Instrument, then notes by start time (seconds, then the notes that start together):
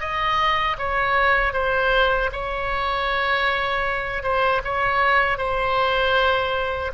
oboe
0.00 D#5
0.78 C#5
1.53 C5
2.32 C#5
4.23 C5
4.64 C#5
5.38 C5